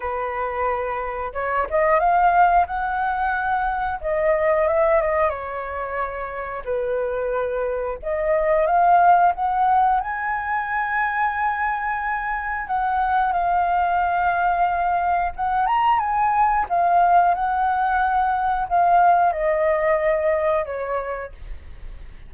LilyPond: \new Staff \with { instrumentName = "flute" } { \time 4/4 \tempo 4 = 90 b'2 cis''8 dis''8 f''4 | fis''2 dis''4 e''8 dis''8 | cis''2 b'2 | dis''4 f''4 fis''4 gis''4~ |
gis''2. fis''4 | f''2. fis''8 ais''8 | gis''4 f''4 fis''2 | f''4 dis''2 cis''4 | }